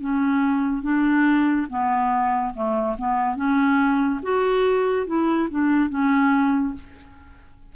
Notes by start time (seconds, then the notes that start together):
0.00 C#4
0.83 D4
1.69 B3
2.54 A3
2.98 B3
3.36 C#4
4.23 F#4
5.07 E4
5.50 D4
5.90 C#4